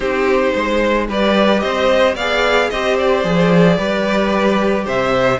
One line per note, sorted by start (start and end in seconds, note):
0.00 0.51 C4
0.00 1.08 D#4
0.00 0.53 G4
0.00 1.07 C5
0.53 1.08 G#3
0.53 1.07 C5
1.08 1.62 G3
1.08 2.16 G4
1.08 1.62 B4
1.08 1.60 D5
1.60 2.15 C4
1.60 2.15 C5
1.60 2.14 D#5
2.15 2.69 B3
2.15 2.73 G#4
2.15 2.69 D5
2.15 2.69 F5
2.69 3.24 C4
2.69 3.24 G4
2.69 3.76 C5
2.69 2.97 D#5
2.98 4.87 D5
3.24 3.77 F3
3.24 3.78 G#4
3.76 4.86 G3
3.76 5.39 G4
3.76 4.84 B4
4.85 5.39 C3
4.85 5.39 C5
4.85 5.39 E5